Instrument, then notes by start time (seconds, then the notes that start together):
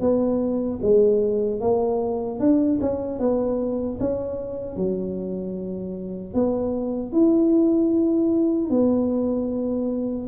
tuba
0.00 B3
0.81 G#3
1.60 A#3
2.39 D4
2.81 C#4
3.19 B3
4.00 C#4
4.76 F#3
6.34 B3
7.12 E4
8.70 B3